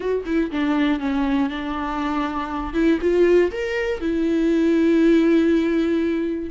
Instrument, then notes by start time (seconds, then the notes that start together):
viola
0.00 F#4
0.25 E4
0.51 D4
0.99 C#4
1.49 D4
2.73 E4
3.01 F4
3.51 A#4
4.00 E4